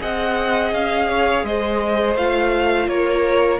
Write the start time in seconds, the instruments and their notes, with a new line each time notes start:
0.00 cello C4, viola G#4, violin D#5 F#5
0.72 cello C#4, violin F5
1.09 violin C#5
1.44 cello G#3, violin C5 D#5
2.16 cello A3, viola F4, violin F5
2.87 cello A#3, violin A#4 C#5